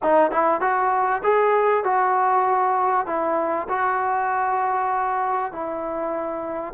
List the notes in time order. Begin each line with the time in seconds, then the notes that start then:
0.03 D#4
0.31 E4
0.60 F#4
1.23 G#4
1.84 F#4
3.06 E4
3.68 F#4
5.52 E4